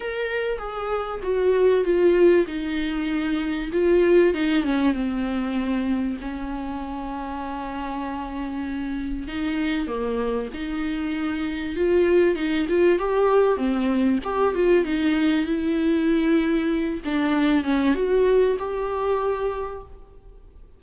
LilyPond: \new Staff \with { instrumentName = "viola" } { \time 4/4 \tempo 4 = 97 ais'4 gis'4 fis'4 f'4 | dis'2 f'4 dis'8 cis'8 | c'2 cis'2~ | cis'2. dis'4 |
ais4 dis'2 f'4 | dis'8 f'8 g'4 c'4 g'8 f'8 | dis'4 e'2~ e'8 d'8~ | d'8 cis'8 fis'4 g'2 | }